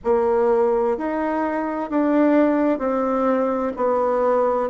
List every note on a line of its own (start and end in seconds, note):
0.03 0.97 A#3
0.97 1.90 D#4
1.90 2.78 D4
2.78 3.72 C4
3.76 4.69 B3